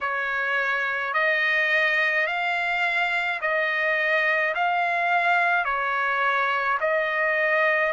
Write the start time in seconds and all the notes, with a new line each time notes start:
0.01 C#5
1.13 D#5
2.26 F5
3.41 D#5
4.54 F5
5.64 C#5
6.80 D#5